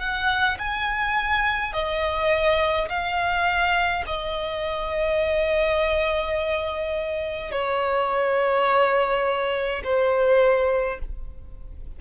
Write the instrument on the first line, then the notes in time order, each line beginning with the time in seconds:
violin
0.00 F#5
0.59 G#5
1.73 D#5
2.89 F5
4.06 D#5
7.52 C#5
9.84 C5